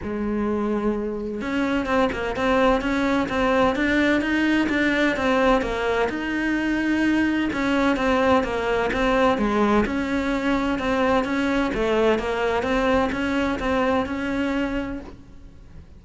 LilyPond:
\new Staff \with { instrumentName = "cello" } { \time 4/4 \tempo 4 = 128 gis2. cis'4 | c'8 ais8 c'4 cis'4 c'4 | d'4 dis'4 d'4 c'4 | ais4 dis'2. |
cis'4 c'4 ais4 c'4 | gis4 cis'2 c'4 | cis'4 a4 ais4 c'4 | cis'4 c'4 cis'2 | }